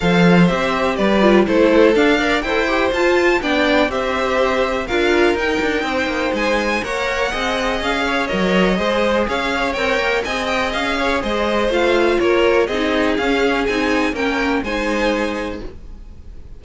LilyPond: <<
  \new Staff \with { instrumentName = "violin" } { \time 4/4 \tempo 4 = 123 f''4 e''4 d''4 c''4 | f''4 g''4 a''4 g''4 | e''2 f''4 g''4~ | g''4 gis''4 fis''2 |
f''4 dis''2 f''4 | g''4 gis''8 g''8 f''4 dis''4 | f''4 cis''4 dis''4 f''4 | gis''4 g''4 gis''2 | }
  \new Staff \with { instrumentName = "violin" } { \time 4/4 c''2 b'4 a'4~ | a'8 d''8 c''2 d''4 | c''2 ais'2 | c''2 cis''4 dis''4~ |
dis''8 cis''4. c''4 cis''4~ | cis''4 dis''4. cis''8 c''4~ | c''4 ais'4 gis'2~ | gis'4 ais'4 c''2 | }
  \new Staff \with { instrumentName = "viola" } { \time 4/4 a'4 g'4. f'8 e'4 | d'8 ais'8 a'8 g'8 f'4 d'4 | g'2 f'4 dis'4~ | dis'2 ais'4 gis'4~ |
gis'4 ais'4 gis'2 | ais'4 gis'2. | f'2 dis'4 cis'4 | dis'4 cis'4 dis'2 | }
  \new Staff \with { instrumentName = "cello" } { \time 4/4 f4 c'4 g4 a4 | d'4 e'4 f'4 b4 | c'2 d'4 dis'8 d'8 | c'8 ais8 gis4 ais4 c'4 |
cis'4 fis4 gis4 cis'4 | c'8 ais8 c'4 cis'4 gis4 | a4 ais4 c'4 cis'4 | c'4 ais4 gis2 | }
>>